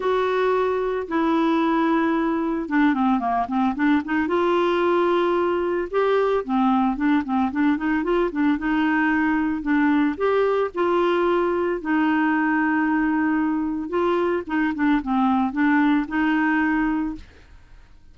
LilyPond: \new Staff \with { instrumentName = "clarinet" } { \time 4/4 \tempo 4 = 112 fis'2 e'2~ | e'4 d'8 c'8 ais8 c'8 d'8 dis'8 | f'2. g'4 | c'4 d'8 c'8 d'8 dis'8 f'8 d'8 |
dis'2 d'4 g'4 | f'2 dis'2~ | dis'2 f'4 dis'8 d'8 | c'4 d'4 dis'2 | }